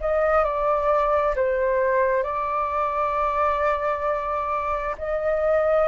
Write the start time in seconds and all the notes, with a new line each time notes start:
0.00 D#5
0.44 D5
1.35 C5
2.23 D5
4.98 D#5